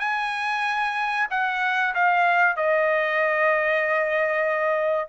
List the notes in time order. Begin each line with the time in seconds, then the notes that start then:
0.00 G#5
1.31 F#5
1.95 F5
2.57 D#5